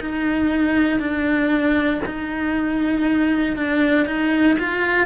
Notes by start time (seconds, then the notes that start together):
0.00 D#4
0.99 D4
2.06 D#4
3.56 D4
4.06 D#4
4.59 F4